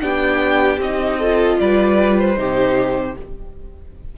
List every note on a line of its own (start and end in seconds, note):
0.00 0.78 B3
0.00 0.79 D4
0.00 1.19 G4
0.00 0.79 G5
0.78 1.57 C4
0.78 1.21 D#4
0.78 1.60 D#5
1.19 2.36 F4
1.19 1.58 A4
1.60 2.37 G3
1.60 2.38 B4
1.60 2.19 D5
2.19 3.17 C5
2.36 3.16 C3
2.36 3.15 D#4
2.36 3.17 G4